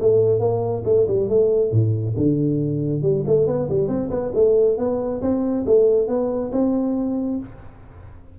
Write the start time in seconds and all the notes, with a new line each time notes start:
0.00 A3
0.40 A#3
0.85 A3
1.07 G3
1.29 A3
1.72 A2
2.17 D3
3.02 G3
3.27 A3
3.47 B3
3.69 G3
3.88 C4
4.10 B3
4.34 A3
4.78 B3
5.22 C4
5.66 A3
6.08 B3
6.52 C4